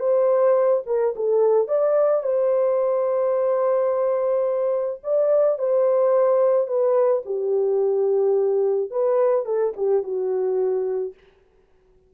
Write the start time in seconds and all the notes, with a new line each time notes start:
0.00 C5
0.87 A#4
1.16 A4
1.68 D5
2.23 C5
5.04 D5
5.59 C5
6.67 B4
7.26 G4
8.91 B4
9.46 A4
9.77 G4
10.03 F#4